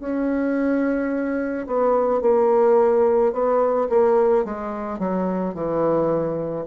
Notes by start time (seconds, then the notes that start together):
0.00 C#4
1.67 B3
2.22 A#3
3.33 B3
3.89 A#3
4.44 G#3
4.99 F#3
5.54 E3